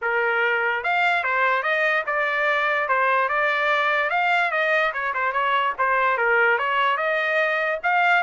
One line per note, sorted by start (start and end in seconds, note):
0.01 0.83 A#4
0.83 1.23 F5
1.23 1.62 C5
1.62 2.03 D#5
2.06 2.88 D5
2.88 3.28 C5
3.28 4.10 D5
4.10 4.51 F5
4.51 4.92 D#5
4.93 5.13 C#5
5.14 5.32 C5
5.32 5.73 C#5
5.78 6.17 C5
6.17 6.58 A#4
6.58 6.97 C#5
6.97 7.79 D#5
7.83 8.23 F5